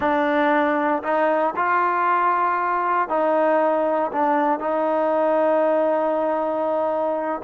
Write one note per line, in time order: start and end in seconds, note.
0.00 1.03 D4
1.03 1.54 D#4
1.55 3.08 F4
3.08 4.11 D#4
4.12 4.59 D4
4.59 7.41 D#4